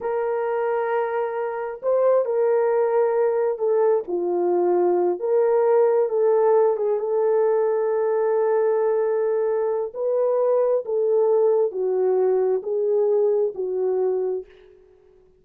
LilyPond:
\new Staff \with { instrumentName = "horn" } { \time 4/4 \tempo 4 = 133 ais'1 | c''4 ais'2. | a'4 f'2~ f'8 ais'8~ | ais'4. a'4. gis'8 a'8~ |
a'1~ | a'2 b'2 | a'2 fis'2 | gis'2 fis'2 | }